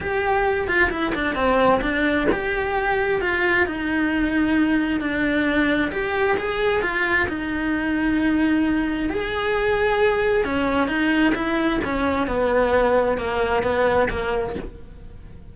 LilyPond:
\new Staff \with { instrumentName = "cello" } { \time 4/4 \tempo 4 = 132 g'4. f'8 e'8 d'8 c'4 | d'4 g'2 f'4 | dis'2. d'4~ | d'4 g'4 gis'4 f'4 |
dis'1 | gis'2. cis'4 | dis'4 e'4 cis'4 b4~ | b4 ais4 b4 ais4 | }